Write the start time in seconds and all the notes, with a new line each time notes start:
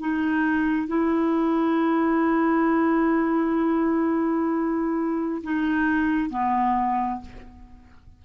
0.00 D#4
0.88 E4
5.44 D#4
6.31 B3